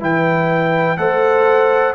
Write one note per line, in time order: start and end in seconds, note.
0.00 0.98 E3
0.00 0.97 E4
0.00 0.99 B4
0.00 0.97 G5
0.97 1.95 A3
0.97 1.94 A4
0.97 1.95 C5
0.97 1.94 F#5